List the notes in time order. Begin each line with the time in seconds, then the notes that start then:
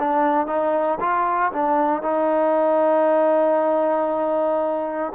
0.00 D4
0.47 D#4
1.01 F4
1.53 D4
2.03 D#4